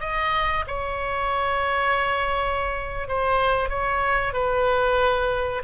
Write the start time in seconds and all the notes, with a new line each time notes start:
0.00 D#5
0.67 C#5
3.08 C5
3.69 C#5
4.33 B4